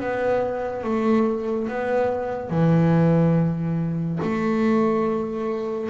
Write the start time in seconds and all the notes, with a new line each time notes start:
0.00 B3
0.84 A3
1.68 B3
2.50 E3
4.22 A3